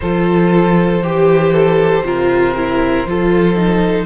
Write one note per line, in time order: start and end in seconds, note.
0.00 1.01 F3
0.00 1.03 F4
0.00 1.03 A4
0.00 4.05 C5
1.01 2.03 E3
1.01 2.04 G4
1.01 1.52 G4
1.52 2.03 A4
2.03 3.05 C3
2.03 2.55 F4
2.03 3.08 A#4
2.55 3.06 E4
3.05 4.05 F3
3.05 3.55 F4
3.05 4.05 A4
3.55 4.05 D#4